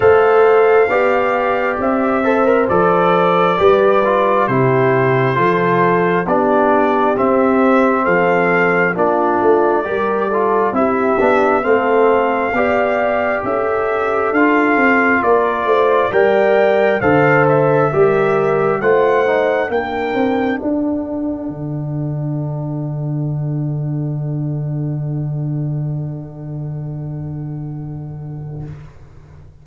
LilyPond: <<
  \new Staff \with { instrumentName = "trumpet" } { \time 4/4 \tempo 4 = 67 f''2 e''4 d''4~ | d''4 c''2 d''4 | e''4 f''4 d''2 | e''4 f''2 e''4 |
f''4 d''4 g''4 f''8 e''8~ | e''4 fis''4 g''4 fis''4~ | fis''1~ | fis''1 | }
  \new Staff \with { instrumentName = "horn" } { \time 4/4 c''4 d''4. c''4. | b'4 g'4 a'4 g'4~ | g'4 a'4 f'4 ais'8 a'8 | g'4 a'4 d''4 a'4~ |
a'4 ais'8 c''8 d''4 c''4 | ais'4 c''4 ais'4 a'4~ | a'1~ | a'1 | }
  \new Staff \with { instrumentName = "trombone" } { \time 4/4 a'4 g'4. a'16 ais'16 a'4 | g'8 f'8 e'4 f'4 d'4 | c'2 d'4 g'8 f'8 | e'8 d'8 c'4 g'2 |
f'2 ais'4 a'4 | g'4 f'8 dis'8 d'2~ | d'1~ | d'1 | }
  \new Staff \with { instrumentName = "tuba" } { \time 4/4 a4 b4 c'4 f4 | g4 c4 f4 b4 | c'4 f4 ais8 a8 g4 | c'8 b8 a4 b4 cis'4 |
d'8 c'8 ais8 a8 g4 d4 | g4 a4 ais8 c'8 d'4 | d1~ | d1 | }
>>